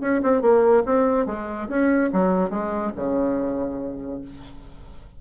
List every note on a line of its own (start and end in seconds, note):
0.00 0.21 C#4
0.23 0.41 C4
0.41 0.83 A#3
0.85 1.26 C4
1.26 1.67 G#3
1.68 2.10 C#4
2.12 2.50 F#3
2.50 2.91 G#3
2.96 4.21 C#3